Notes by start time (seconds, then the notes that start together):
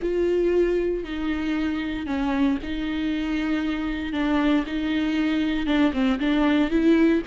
0.01 F4
1.03 D#4
2.06 C#4
2.62 D#4
4.12 D4
4.66 D#4
5.66 D4
5.93 C4
6.19 D4
6.70 E4